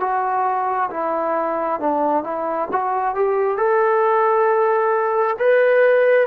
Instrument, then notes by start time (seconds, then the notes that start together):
trombone
0.00 F#4
0.91 E4
1.80 D4
2.23 E4
2.72 F#4
3.15 G4
3.57 A4
5.39 B4